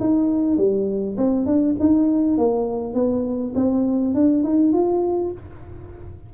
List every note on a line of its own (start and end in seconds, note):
0.00 0.57 D#4
0.57 1.16 G3
1.17 1.46 C4
1.46 1.76 D4
1.80 2.37 D#4
2.37 2.94 A#3
2.94 3.53 B3
3.55 4.14 C4
4.14 4.44 D4
4.44 4.73 D#4
4.73 5.32 F4